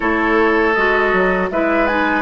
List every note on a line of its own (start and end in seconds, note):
0.00 0.76 A3
0.00 0.74 E4
0.00 1.49 A4
0.00 0.74 C#5
0.74 1.12 G#3
0.74 1.52 F#4
0.74 1.49 D#5
1.12 1.50 F#3
1.50 2.22 G#3
1.50 1.88 E4
1.50 2.22 B4
1.50 1.87 E5
1.87 2.22 D#4
1.87 2.22 G#5